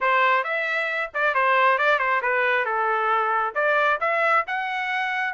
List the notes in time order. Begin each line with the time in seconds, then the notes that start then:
0.00 C5
0.43 E5
1.14 D5
1.34 C5
1.78 D5
1.98 C5
2.22 B4
2.65 A4
3.54 D5
4.00 E5
4.47 F#5